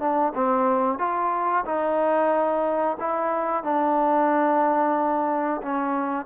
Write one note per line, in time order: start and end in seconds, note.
0.00 0.33 D4
0.35 0.99 C4
0.99 1.65 F4
1.65 2.97 D#4
3.00 3.64 E4
3.64 5.61 D4
5.62 6.26 C#4